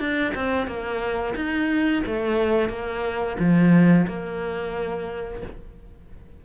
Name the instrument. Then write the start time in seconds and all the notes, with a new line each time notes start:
cello
0.00 D4
0.35 C4
0.67 A#3
1.36 D#4
2.07 A3
2.70 A#3
3.40 F3
4.08 A#3